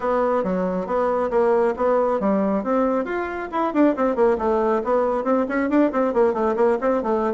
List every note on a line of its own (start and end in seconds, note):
0.00 0.43 B3
0.43 0.86 F#3
0.86 1.30 B3
1.30 1.74 A#3
1.76 2.20 B3
2.20 2.63 G3
2.63 3.05 C4
3.05 3.48 F4
3.51 3.73 E4
3.73 3.95 D4
3.96 4.15 C4
4.15 4.37 A#3
4.38 4.82 A3
4.84 5.24 B3
5.24 5.45 C4
5.48 5.69 C#4
5.69 5.91 D4
5.91 6.13 C4
6.13 6.33 A#3
6.33 6.55 A3
6.56 6.77 A#3
6.81 7.02 C4
7.02 7.33 A3